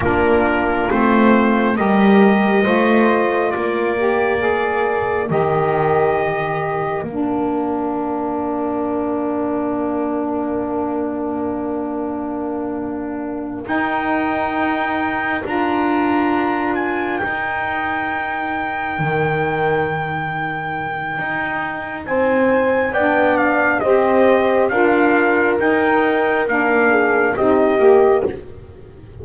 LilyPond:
<<
  \new Staff \with { instrumentName = "trumpet" } { \time 4/4 \tempo 4 = 68 ais'4 c''4 dis''2 | d''2 dis''2 | f''1~ | f''2.~ f''8 g''8~ |
g''4. ais''4. gis''8 g''8~ | g''1~ | g''4 gis''4 g''8 f''8 dis''4 | f''4 g''4 f''4 dis''4 | }
  \new Staff \with { instrumentName = "horn" } { \time 4/4 f'2 ais'4 c''4 | ais'1~ | ais'1~ | ais'1~ |
ais'1~ | ais'1~ | ais'4 c''4 d''4 c''4 | ais'2~ ais'8 gis'8 g'4 | }
  \new Staff \with { instrumentName = "saxophone" } { \time 4/4 d'4 c'4 g'4 f'4~ | f'8 g'8 gis'4 g'2 | d'1~ | d'2.~ d'8 dis'8~ |
dis'4. f'2 dis'8~ | dis'1~ | dis'2 d'4 g'4 | f'4 dis'4 d'4 dis'8 g'8 | }
  \new Staff \with { instrumentName = "double bass" } { \time 4/4 ais4 a4 g4 a4 | ais2 dis2 | ais1~ | ais2.~ ais8 dis'8~ |
dis'4. d'2 dis'8~ | dis'4. dis2~ dis8 | dis'4 c'4 b4 c'4 | d'4 dis'4 ais4 c'8 ais8 | }
>>